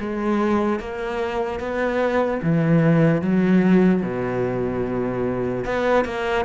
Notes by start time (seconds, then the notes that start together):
0.00 G#3
0.80 A#3
1.60 B3
2.43 E3
3.22 F#3
4.02 B2
5.65 B3
6.05 A#3